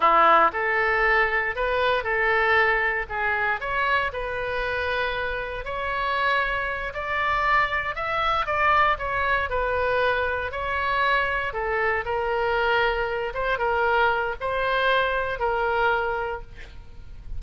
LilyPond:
\new Staff \with { instrumentName = "oboe" } { \time 4/4 \tempo 4 = 117 e'4 a'2 b'4 | a'2 gis'4 cis''4 | b'2. cis''4~ | cis''4. d''2 e''8~ |
e''8 d''4 cis''4 b'4.~ | b'8 cis''2 a'4 ais'8~ | ais'2 c''8 ais'4. | c''2 ais'2 | }